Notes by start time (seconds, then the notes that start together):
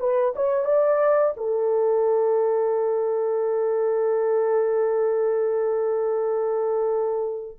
0.00 B4
0.36 C#5
0.66 D5
1.37 A4